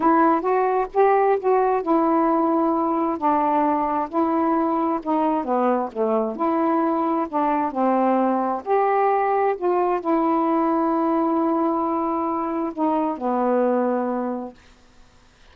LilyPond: \new Staff \with { instrumentName = "saxophone" } { \time 4/4 \tempo 4 = 132 e'4 fis'4 g'4 fis'4 | e'2. d'4~ | d'4 e'2 dis'4 | b4 a4 e'2 |
d'4 c'2 g'4~ | g'4 f'4 e'2~ | e'1 | dis'4 b2. | }